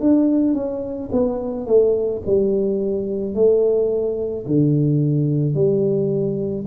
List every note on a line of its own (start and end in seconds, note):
0.00 0.54 D4
0.54 1.10 C#4
1.12 1.67 B3
1.67 2.22 A3
2.26 3.35 G3
3.35 4.46 A3
4.46 5.55 D3
5.55 6.66 G3